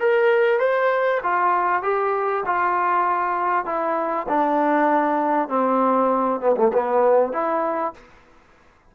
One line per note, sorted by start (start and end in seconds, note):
0.00 0.60 A#4
0.60 1.21 C5
1.23 1.83 F4
1.83 2.44 G4
2.46 3.65 F4
3.65 4.27 E4
4.29 5.49 D4
5.49 6.41 C4
6.41 6.56 B3
6.57 6.72 A3
6.73 7.33 B3
7.33 7.94 E4